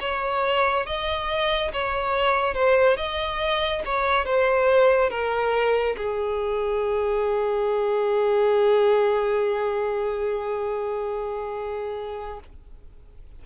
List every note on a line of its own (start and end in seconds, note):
0.00 0.86 C#5
0.86 1.71 D#5
1.72 2.54 C#5
2.54 2.96 C5
2.96 3.82 D#5
3.85 4.25 C#5
4.25 5.10 C5
5.10 5.96 A#4
5.96 12.39 G#4